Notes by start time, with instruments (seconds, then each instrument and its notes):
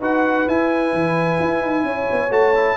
0.00 tuba D#4, trombone F#4, horn B4, trumpet F#5
0.47 tuba E4, trombone E4, trumpet G#5
0.93 tuba E3
1.40 tuba E4
1.62 tuba D#4
1.84 tuba C#4, horn C#5
2.12 tuba B3
2.30 tuba A3, trombone F#4, trumpet A5
2.55 trombone E4